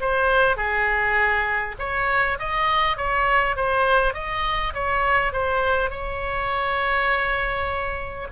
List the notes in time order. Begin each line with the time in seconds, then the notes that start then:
0.00 C5
0.56 G#4
1.78 C#5
2.39 D#5
2.97 C#5
3.56 C5
4.14 D#5
4.73 C#5
5.32 C5
5.90 C#5